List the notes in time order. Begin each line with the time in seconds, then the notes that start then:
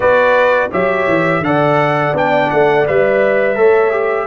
0.00 B3 F#4 B4 D5
0.71 F#3 G4 C#5 E5
1.07 E3
1.40 D3 A4 D5 F#5
2.13 B3 D4 G5
2.50 A3 F#5
2.85 G3 B4 E5
3.55 A3 A4 C#5
3.91 G4